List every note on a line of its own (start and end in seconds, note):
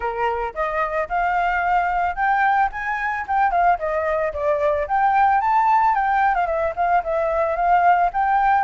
0.00 0.53 A#4
0.54 1.08 D#5
1.08 2.15 F5
2.15 2.69 G5
2.71 3.26 G#5
3.27 3.51 G5
3.51 3.78 F5
3.78 4.32 D#5
4.33 4.87 D5
4.87 5.41 G5
5.41 5.95 A5
5.95 6.35 G5
6.35 6.46 F5
6.46 6.73 E5
6.76 7.03 F5
7.03 7.56 E5
7.56 8.10 F5
8.13 8.64 G5